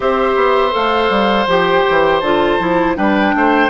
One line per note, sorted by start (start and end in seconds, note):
0.00 0.35 C4
0.00 0.71 G4
0.00 2.97 C5
0.00 0.73 E5
0.35 0.72 B3
0.71 1.09 A3
0.71 1.45 A4
0.71 1.48 F5
1.09 1.46 G3
1.47 1.84 F3
1.47 2.22 G4
1.47 2.19 G5
1.89 2.21 E3
2.19 2.58 D3
2.19 2.59 F4
2.19 2.94 A5
2.59 2.96 F3
2.59 2.96 E4
2.96 3.34 G3
2.96 3.69 D4
2.96 3.34 B4
2.96 3.69 G5
3.34 3.69 A3
3.34 3.69 C5